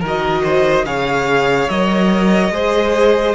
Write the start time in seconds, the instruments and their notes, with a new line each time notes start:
0.00 cello D#3, violin A#4
0.06 viola F#4, violin D#5
0.44 violin C5
0.85 cello C#3, viola G#4, violin C#5 F5
1.69 cello F#3, viola A#4, violin D#5
2.50 cello G#3, viola G#4, violin C5